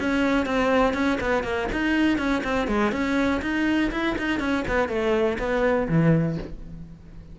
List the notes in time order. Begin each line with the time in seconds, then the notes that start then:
0.00 C#4
0.46 C4
0.94 C#4
1.20 B3
1.43 A#3
1.72 D#4
2.18 C#4
2.44 C4
2.67 G#3
2.92 C#4
3.42 D#4
3.91 E4
4.18 D#4
4.39 C#4
4.68 B3
4.89 A3
5.39 B3
5.88 E3